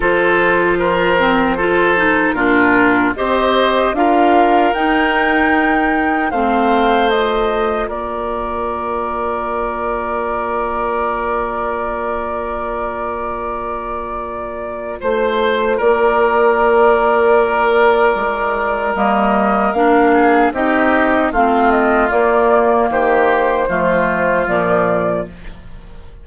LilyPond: <<
  \new Staff \with { instrumentName = "flute" } { \time 4/4 \tempo 4 = 76 c''2. ais'4 | dis''4 f''4 g''2 | f''4 dis''4 d''2~ | d''1~ |
d''2. c''4 | d''1 | dis''4 f''4 dis''4 f''8 dis''8 | d''4 c''2 d''4 | }
  \new Staff \with { instrumentName = "oboe" } { \time 4/4 a'4 ais'4 a'4 f'4 | c''4 ais'2. | c''2 ais'2~ | ais'1~ |
ais'2. c''4 | ais'1~ | ais'4. gis'8 g'4 f'4~ | f'4 g'4 f'2 | }
  \new Staff \with { instrumentName = "clarinet" } { \time 4/4 f'4. c'8 f'8 dis'8 d'4 | g'4 f'4 dis'2 | c'4 f'2.~ | f'1~ |
f'1~ | f'1 | ais4 d'4 dis'4 c'4 | ais2 a4 f4 | }
  \new Staff \with { instrumentName = "bassoon" } { \time 4/4 f2. ais,4 | c'4 d'4 dis'2 | a2 ais2~ | ais1~ |
ais2. a4 | ais2. gis4 | g4 ais4 c'4 a4 | ais4 dis4 f4 ais,4 | }
>>